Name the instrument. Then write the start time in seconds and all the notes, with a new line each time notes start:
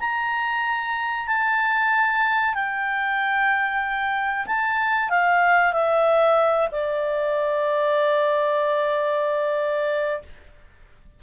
clarinet
0.00 A#5
1.28 A5
2.55 G5
4.47 A5
5.10 F5
5.73 E5
6.72 D5